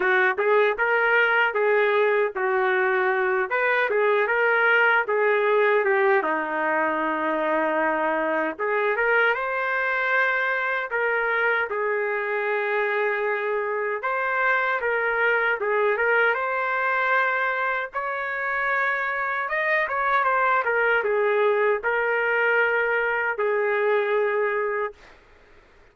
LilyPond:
\new Staff \with { instrumentName = "trumpet" } { \time 4/4 \tempo 4 = 77 fis'8 gis'8 ais'4 gis'4 fis'4~ | fis'8 b'8 gis'8 ais'4 gis'4 g'8 | dis'2. gis'8 ais'8 | c''2 ais'4 gis'4~ |
gis'2 c''4 ais'4 | gis'8 ais'8 c''2 cis''4~ | cis''4 dis''8 cis''8 c''8 ais'8 gis'4 | ais'2 gis'2 | }